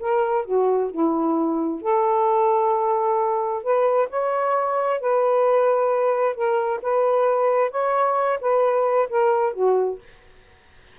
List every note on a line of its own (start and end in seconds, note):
0.00 0.45 A#4
0.46 0.91 F#4
0.91 1.82 E4
1.82 3.64 A4
3.64 4.09 B4
4.10 5.01 C#5
5.01 6.36 B4
6.36 6.81 A#4
6.82 7.71 B4
7.71 8.39 C#5
8.41 9.09 B4
9.10 9.54 A#4
9.54 9.99 F#4